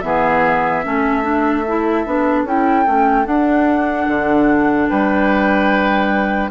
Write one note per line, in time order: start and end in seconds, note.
0.00 0.84 E3
0.00 0.83 B3
0.00 0.85 G#4
0.00 2.43 E5
0.83 2.06 A3
0.83 1.23 C#4
0.83 4.89 A4
1.23 1.63 D4
1.67 2.06 E4
2.06 2.44 B3
2.06 2.46 D4
2.44 2.84 C#4
2.44 2.85 E4
2.44 3.26 G5
2.85 3.26 A3
2.85 3.24 C#4
3.24 6.49 D4
3.24 4.07 D4
3.24 4.88 F#5
4.07 4.88 D3
4.89 6.50 G3
4.89 6.50 B4
4.89 6.50 G5